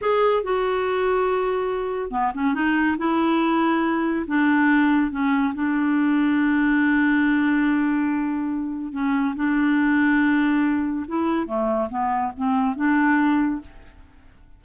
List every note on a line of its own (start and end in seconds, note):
0.01 0.43 G#4
0.43 2.10 F#4
2.10 2.32 B3
2.34 2.54 C#4
2.54 2.97 D#4
2.98 4.25 E4
4.27 5.11 D4
5.11 5.53 C#4
5.54 8.92 D4
8.92 9.34 C#4
9.35 11.06 D4
11.07 11.46 E4
11.46 11.88 A3
11.89 12.32 B3
12.36 12.76 C4
12.76 13.61 D4